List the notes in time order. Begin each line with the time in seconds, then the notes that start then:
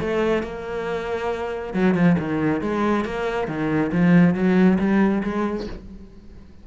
0.00 A3
0.43 A#3
1.74 F#3
1.94 F3
2.19 D#3
2.61 G#3
3.05 A#3
3.48 D#3
3.92 F3
4.34 F#3
4.79 G3
5.23 G#3